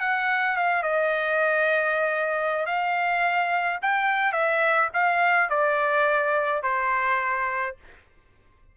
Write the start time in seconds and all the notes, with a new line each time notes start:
0.00 F#5
0.56 F5
0.83 D#5
2.66 F5
3.82 G5
4.32 E5
4.93 F5
5.50 D5
6.63 C5